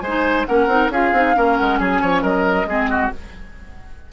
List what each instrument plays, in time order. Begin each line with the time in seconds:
0.00 bassoon G#3, oboe C5, flute G#5
0.07 clarinet D#4
0.46 bassoon A#3, clarinet C#4, oboe A#4, flute F#5
0.67 bassoon C4, clarinet D#4
0.89 bassoon C#4, clarinet F4, oboe G#4, flute F5
1.12 bassoon C4, clarinet D#4
1.35 bassoon A#3, clarinet C#4, oboe A#4
1.57 bassoon G#3, flute F#5
1.78 bassoon F#3, oboe G#4, flute G#5
2.01 bassoon F3, oboe C#5
2.22 bassoon F#3, oboe A#4, flute D#5
2.65 bassoon G#3, clarinet C4, oboe G#4
2.90 oboe F#4